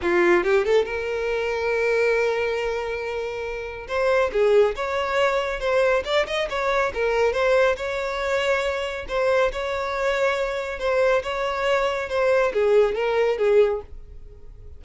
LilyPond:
\new Staff \with { instrumentName = "violin" } { \time 4/4 \tempo 4 = 139 f'4 g'8 a'8 ais'2~ | ais'1~ | ais'4 c''4 gis'4 cis''4~ | cis''4 c''4 d''8 dis''8 cis''4 |
ais'4 c''4 cis''2~ | cis''4 c''4 cis''2~ | cis''4 c''4 cis''2 | c''4 gis'4 ais'4 gis'4 | }